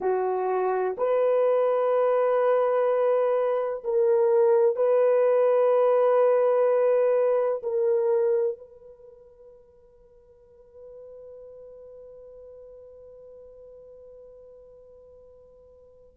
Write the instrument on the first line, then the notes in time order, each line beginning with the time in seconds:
horn
0.00 F#4
0.97 B4
3.84 A#4
4.76 B4
7.62 A#4
8.57 B4